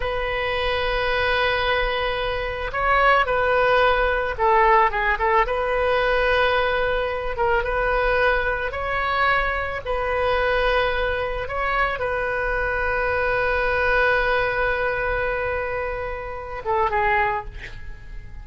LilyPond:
\new Staff \with { instrumentName = "oboe" } { \time 4/4 \tempo 4 = 110 b'1~ | b'4 cis''4 b'2 | a'4 gis'8 a'8 b'2~ | b'4. ais'8 b'2 |
cis''2 b'2~ | b'4 cis''4 b'2~ | b'1~ | b'2~ b'8 a'8 gis'4 | }